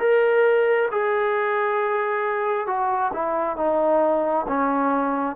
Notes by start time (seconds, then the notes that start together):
0.00 A#4
0.92 G#4
2.67 F#4
3.14 E4
3.57 D#4
4.48 C#4